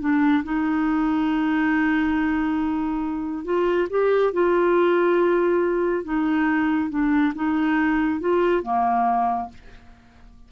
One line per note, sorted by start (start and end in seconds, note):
0.00 0.43 D4
0.44 3.44 D#4
3.44 3.87 F4
3.89 4.33 G4
4.33 6.04 F4
6.04 6.90 D#4
6.90 7.33 D4
7.35 8.20 D#4
8.20 8.62 F4
8.62 9.49 A#3